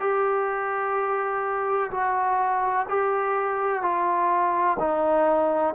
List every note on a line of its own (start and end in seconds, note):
0.00 1.90 G4
1.91 2.86 F#4
2.89 3.82 G4
3.82 4.77 F4
4.79 5.74 D#4